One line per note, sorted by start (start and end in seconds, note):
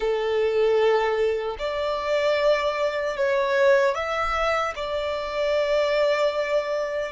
0.00 1.56 A4
1.59 3.16 D5
3.16 3.94 C#5
3.94 4.73 E5
4.75 7.12 D5